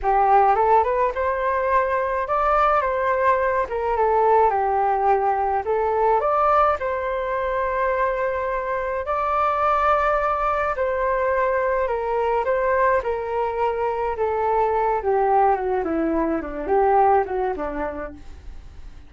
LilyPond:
\new Staff \with { instrumentName = "flute" } { \time 4/4 \tempo 4 = 106 g'4 a'8 b'8 c''2 | d''4 c''4. ais'8 a'4 | g'2 a'4 d''4 | c''1 |
d''2. c''4~ | c''4 ais'4 c''4 ais'4~ | ais'4 a'4. g'4 fis'8 | e'4 d'8 g'4 fis'8 d'4 | }